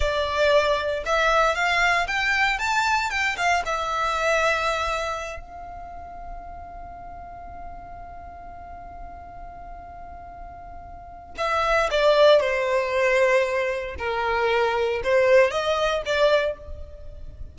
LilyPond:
\new Staff \with { instrumentName = "violin" } { \time 4/4 \tempo 4 = 116 d''2 e''4 f''4 | g''4 a''4 g''8 f''8 e''4~ | e''2~ e''8 f''4.~ | f''1~ |
f''1~ | f''2 e''4 d''4 | c''2. ais'4~ | ais'4 c''4 dis''4 d''4 | }